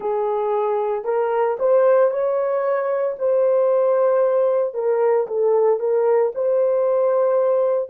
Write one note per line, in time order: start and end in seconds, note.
0.00 1.04 G#4
1.04 1.57 A#4
1.59 2.11 C5
2.11 3.16 C#5
3.18 4.74 C5
4.74 5.26 A#4
5.27 5.79 A4
5.79 6.32 A#4
6.34 7.89 C5